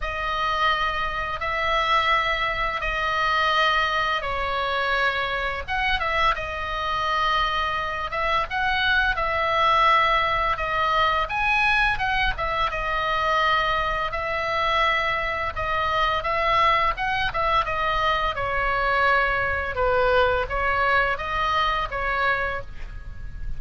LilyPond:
\new Staff \with { instrumentName = "oboe" } { \time 4/4 \tempo 4 = 85 dis''2 e''2 | dis''2 cis''2 | fis''8 e''8 dis''2~ dis''8 e''8 | fis''4 e''2 dis''4 |
gis''4 fis''8 e''8 dis''2 | e''2 dis''4 e''4 | fis''8 e''8 dis''4 cis''2 | b'4 cis''4 dis''4 cis''4 | }